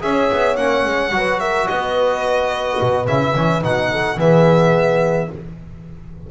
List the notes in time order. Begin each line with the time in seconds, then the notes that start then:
0.00 C#4 G#4 C#5 E5
0.32 B3
0.56 A#3 C#4 F#5
0.84 G#3
1.11 F#3 F#4 B4
1.39 A#4 E5
1.67 B3 B4 D#5
2.81 B2
3.06 C#3 E4 E5
3.34 E3 C#4
3.61 B2 D#4 F#5
3.91 A4
4.17 E3 B3 G#4 E5